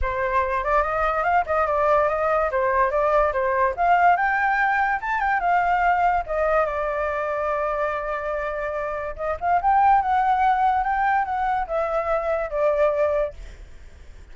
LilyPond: \new Staff \with { instrumentName = "flute" } { \time 4/4 \tempo 4 = 144 c''4. d''8 dis''4 f''8 dis''8 | d''4 dis''4 c''4 d''4 | c''4 f''4 g''2 | a''8 g''8 f''2 dis''4 |
d''1~ | d''2 dis''8 f''8 g''4 | fis''2 g''4 fis''4 | e''2 d''2 | }